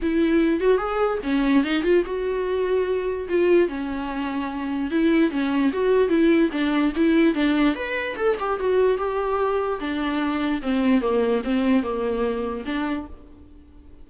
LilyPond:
\new Staff \with { instrumentName = "viola" } { \time 4/4 \tempo 4 = 147 e'4. fis'8 gis'4 cis'4 | dis'8 f'8 fis'2. | f'4 cis'2. | e'4 cis'4 fis'4 e'4 |
d'4 e'4 d'4 b'4 | a'8 g'8 fis'4 g'2 | d'2 c'4 ais4 | c'4 ais2 d'4 | }